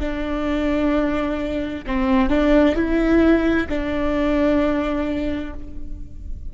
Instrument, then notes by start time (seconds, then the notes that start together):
viola
0.00 D4
1.87 C4
2.30 D4
2.76 E4
3.69 D4